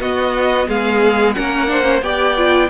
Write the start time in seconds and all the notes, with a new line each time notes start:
0.00 B3 F#4 D#5
0.68 G#3 G#4 F5
1.33 A#3 C#4 A#4 F#5
1.67 D4 C5
1.83 C#4
2.02 B3 G4 D5 G5
2.37 F4